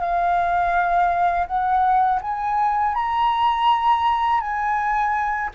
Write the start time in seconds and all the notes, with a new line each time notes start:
0.00 F5
1.47 F#5
2.21 G#5
2.95 A#5
4.41 G#5